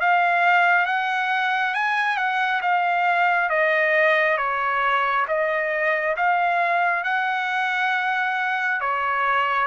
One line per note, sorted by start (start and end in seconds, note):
0.00 0.86 F5
0.86 1.74 F#5
1.74 2.17 G#5
2.17 2.61 F#5
2.62 3.50 F5
3.50 4.38 D#5
4.38 5.26 C#5
5.28 6.16 D#5
6.16 7.04 F5
7.04 8.80 F#5
8.81 9.67 C#5